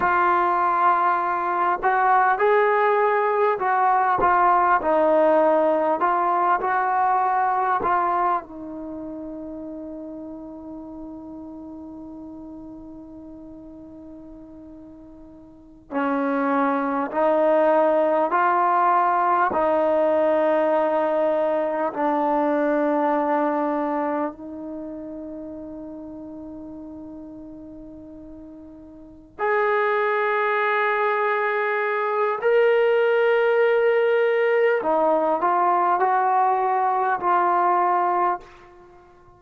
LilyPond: \new Staff \with { instrumentName = "trombone" } { \time 4/4 \tempo 4 = 50 f'4. fis'8 gis'4 fis'8 f'8 | dis'4 f'8 fis'4 f'8 dis'4~ | dis'1~ | dis'4~ dis'16 cis'4 dis'4 f'8.~ |
f'16 dis'2 d'4.~ d'16~ | d'16 dis'2.~ dis'8.~ | dis'8 gis'2~ gis'8 ais'4~ | ais'4 dis'8 f'8 fis'4 f'4 | }